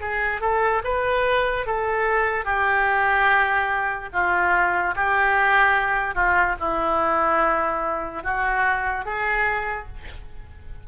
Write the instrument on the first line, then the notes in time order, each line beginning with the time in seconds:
oboe
0.00 G#4
0.41 A4
0.84 B4
1.66 A4
2.45 G4
4.12 F4
4.95 G4
6.14 F4
6.59 E4
8.23 F#4
9.05 G#4